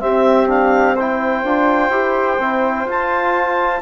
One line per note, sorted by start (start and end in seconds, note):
0.00 0.47 C4
0.00 1.44 C4
0.00 0.95 G4
0.00 0.48 E5
0.47 0.95 D4
0.47 0.97 F5
0.95 1.45 E4
0.95 3.81 C5
0.95 2.89 G5
1.44 1.90 D4
1.44 1.92 F4
1.90 2.37 E4
1.90 2.39 G4
2.39 2.85 C4
2.39 2.88 E4
2.85 3.80 F4
2.85 3.82 F4
2.85 3.82 A5